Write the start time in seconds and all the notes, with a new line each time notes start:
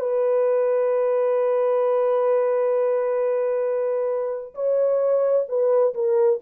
0.00 B4
4.55 C#5
5.49 B4
5.94 A#4